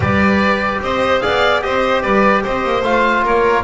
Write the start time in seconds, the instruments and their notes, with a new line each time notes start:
0.00 double bass G3, trombone G4, violin B4, oboe D5
0.81 double bass C4, violin C5, oboe D#5
1.20 double bass B3, trombone G#4, violin D5, oboe F5
1.61 double bass C4, trombone G4, violin C5, oboe D#5
2.02 double bass G3, violin B4, oboe D5
2.43 double bass C4, violin C5, oboe D#5
2.64 double bass A#3
2.82 double bass A3, trombone F4, oboe F5
3.23 double bass A#3, violin A#4, oboe C#5